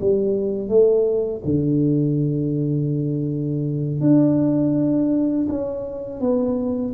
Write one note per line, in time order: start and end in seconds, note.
0.00 0.68 G3
0.68 1.41 A3
1.44 4.00 D3
4.00 5.47 D4
5.48 6.20 C#4
6.20 6.93 B3